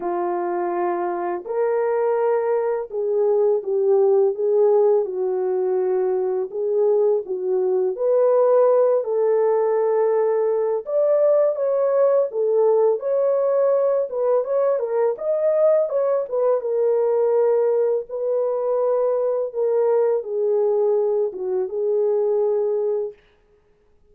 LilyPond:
\new Staff \with { instrumentName = "horn" } { \time 4/4 \tempo 4 = 83 f'2 ais'2 | gis'4 g'4 gis'4 fis'4~ | fis'4 gis'4 fis'4 b'4~ | b'8 a'2~ a'8 d''4 |
cis''4 a'4 cis''4. b'8 | cis''8 ais'8 dis''4 cis''8 b'8 ais'4~ | ais'4 b'2 ais'4 | gis'4. fis'8 gis'2 | }